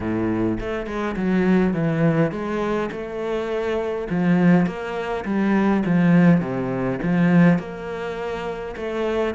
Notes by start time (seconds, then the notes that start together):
0.00 A2
0.60 A3
0.86 G#3
1.16 F#3
1.73 E3
2.31 G#3
2.91 A3
4.10 F3
4.66 A#3
5.24 G3
5.85 F3
6.41 C3
7.02 F3
7.58 A#3
8.76 A3